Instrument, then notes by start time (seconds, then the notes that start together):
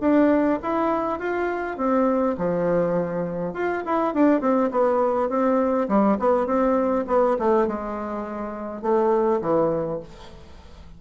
bassoon
0.00 D4
0.62 E4
1.19 F4
1.77 C4
2.37 F3
3.53 F4
3.85 E4
4.14 D4
4.40 C4
4.71 B3
5.29 C4
5.88 G3
6.19 B3
6.46 C4
7.07 B3
7.39 A3
7.67 G#3
8.82 A3
9.41 E3